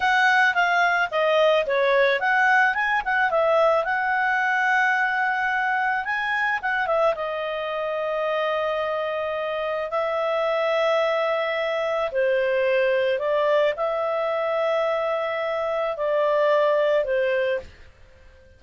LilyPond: \new Staff \with { instrumentName = "clarinet" } { \time 4/4 \tempo 4 = 109 fis''4 f''4 dis''4 cis''4 | fis''4 gis''8 fis''8 e''4 fis''4~ | fis''2. gis''4 | fis''8 e''8 dis''2.~ |
dis''2 e''2~ | e''2 c''2 | d''4 e''2.~ | e''4 d''2 c''4 | }